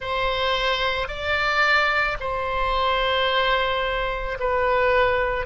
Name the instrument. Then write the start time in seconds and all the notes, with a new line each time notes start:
oboe
0.00 C5
1.08 D5
2.20 C5
4.39 B4